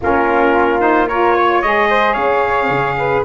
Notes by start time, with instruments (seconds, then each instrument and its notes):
0.01 tuba A#3, saxophone C#4, flute F4, trumpet A#4
0.79 saxophone D#4, trumpet C5
1.08 saxophone F4, flute A#4, trumpet C#5
1.34 flute C#5
1.62 tuba G#3, saxophone G#4, trumpet D#5
1.89 flute C5
2.12 tuba C#4, flute C#5, trumpet F5
2.69 tuba C#3
2.98 flute B4